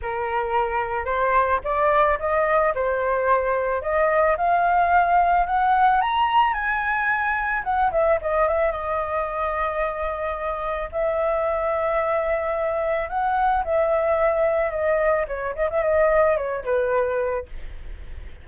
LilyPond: \new Staff \with { instrumentName = "flute" } { \time 4/4 \tempo 4 = 110 ais'2 c''4 d''4 | dis''4 c''2 dis''4 | f''2 fis''4 ais''4 | gis''2 fis''8 e''8 dis''8 e''8 |
dis''1 | e''1 | fis''4 e''2 dis''4 | cis''8 dis''16 e''16 dis''4 cis''8 b'4. | }